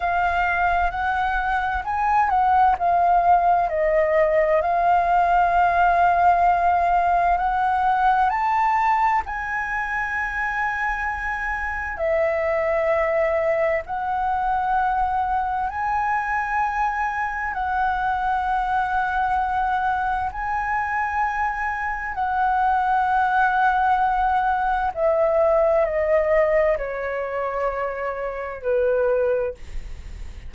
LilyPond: \new Staff \with { instrumentName = "flute" } { \time 4/4 \tempo 4 = 65 f''4 fis''4 gis''8 fis''8 f''4 | dis''4 f''2. | fis''4 a''4 gis''2~ | gis''4 e''2 fis''4~ |
fis''4 gis''2 fis''4~ | fis''2 gis''2 | fis''2. e''4 | dis''4 cis''2 b'4 | }